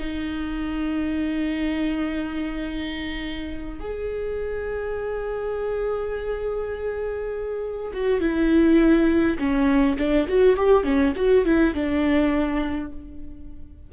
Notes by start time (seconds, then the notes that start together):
0.00 D#4
3.80 G#4
7.94 F#4
8.21 E4
9.39 C#4
9.99 D4
10.29 F#4
10.57 G4
10.84 C#4
11.16 F#4
11.45 E4
11.75 D4